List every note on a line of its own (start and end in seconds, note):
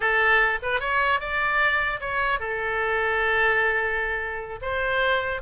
0.00 0.59 A4
0.62 0.79 B4
0.79 1.19 C#5
1.20 2.00 D5
2.00 2.39 C#5
2.39 4.59 A4
4.61 5.41 C5